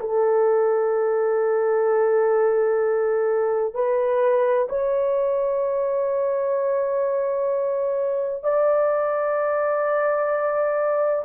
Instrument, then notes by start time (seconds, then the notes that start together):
horn
0.00 A4
3.74 B4
4.69 C#5
8.43 D5